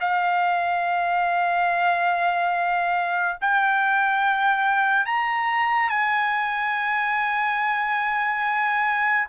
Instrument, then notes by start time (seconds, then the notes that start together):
trumpet
0.00 F5
3.41 G5
5.06 A#5
5.89 G#5